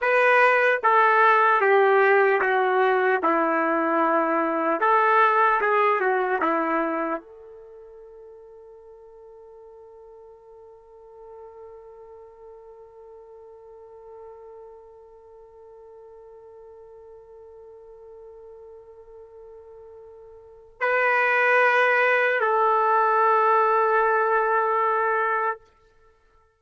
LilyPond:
\new Staff \with { instrumentName = "trumpet" } { \time 4/4 \tempo 4 = 75 b'4 a'4 g'4 fis'4 | e'2 a'4 gis'8 fis'8 | e'4 a'2.~ | a'1~ |
a'1~ | a'1~ | a'2 b'2 | a'1 | }